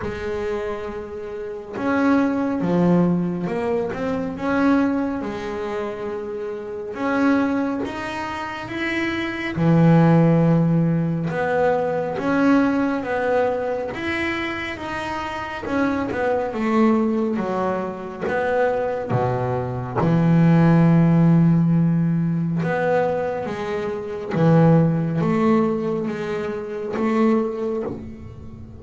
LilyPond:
\new Staff \with { instrumentName = "double bass" } { \time 4/4 \tempo 4 = 69 gis2 cis'4 f4 | ais8 c'8 cis'4 gis2 | cis'4 dis'4 e'4 e4~ | e4 b4 cis'4 b4 |
e'4 dis'4 cis'8 b8 a4 | fis4 b4 b,4 e4~ | e2 b4 gis4 | e4 a4 gis4 a4 | }